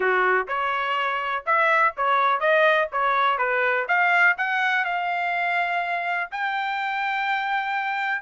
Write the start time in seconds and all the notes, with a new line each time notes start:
0.00 F#4
0.47 C#5
1.46 E5
1.96 C#5
2.40 D#5
2.92 C#5
3.38 B4
3.88 F5
4.37 F#5
4.84 F5
6.31 G5